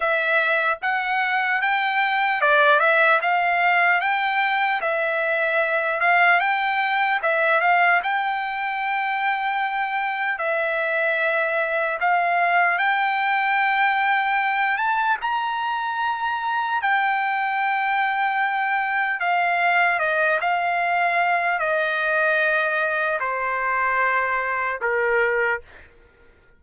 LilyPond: \new Staff \with { instrumentName = "trumpet" } { \time 4/4 \tempo 4 = 75 e''4 fis''4 g''4 d''8 e''8 | f''4 g''4 e''4. f''8 | g''4 e''8 f''8 g''2~ | g''4 e''2 f''4 |
g''2~ g''8 a''8 ais''4~ | ais''4 g''2. | f''4 dis''8 f''4. dis''4~ | dis''4 c''2 ais'4 | }